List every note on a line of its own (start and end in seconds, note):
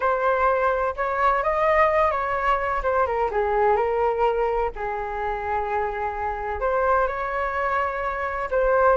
0.00 0.94 C5
0.96 1.43 C#5
1.43 2.11 D#5
2.11 2.82 C#5
2.82 3.06 C5
3.06 3.29 A#4
3.31 3.76 G#4
3.76 4.70 A#4
4.75 6.60 G#4
6.60 7.07 C5
7.07 8.49 C#5
8.50 8.96 C5